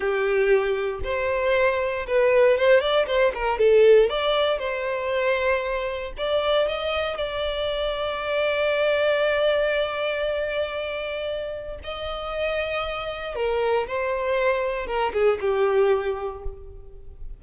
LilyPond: \new Staff \with { instrumentName = "violin" } { \time 4/4 \tempo 4 = 117 g'2 c''2 | b'4 c''8 d''8 c''8 ais'8 a'4 | d''4 c''2. | d''4 dis''4 d''2~ |
d''1~ | d''2. dis''4~ | dis''2 ais'4 c''4~ | c''4 ais'8 gis'8 g'2 | }